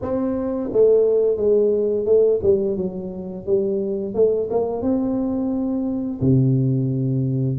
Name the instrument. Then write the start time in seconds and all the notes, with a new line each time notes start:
tuba
0.01 C4
0.72 A3
1.36 G#3
2.05 A3
2.43 G3
2.76 F#3
3.45 G3
4.14 A3
4.50 A#3
4.82 C4
6.20 C3